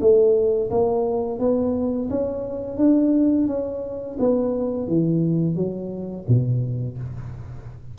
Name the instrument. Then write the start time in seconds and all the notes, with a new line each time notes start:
tuba
0.00 A3
0.70 A#3
1.39 B3
2.10 C#4
2.77 D4
3.47 C#4
4.19 B3
4.87 E3
5.55 F#3
6.28 B2